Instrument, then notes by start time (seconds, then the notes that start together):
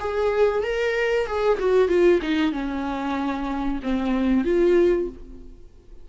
viola
0.00 G#4
0.63 A#4
1.26 G#4
1.59 F#4
1.88 F4
2.22 D#4
2.52 C#4
3.83 C4
4.44 F4